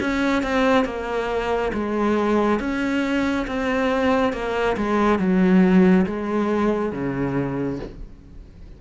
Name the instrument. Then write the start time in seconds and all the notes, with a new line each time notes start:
cello
0.00 C#4
0.42 C4
0.85 A#3
1.73 G#3
2.59 C#4
3.47 C4
4.32 A#3
4.76 G#3
5.18 F#3
6.06 G#3
6.92 C#3